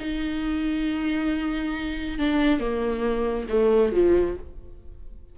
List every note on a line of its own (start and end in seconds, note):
0.00 2.19 D#4
2.19 2.60 D4
2.60 3.48 A#3
3.49 3.92 A3
3.92 4.36 F3